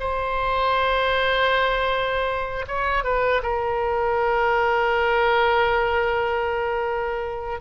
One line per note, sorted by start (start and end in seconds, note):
0.00 2.66 C5
2.68 3.04 C#5
3.04 3.42 B4
3.43 7.61 A#4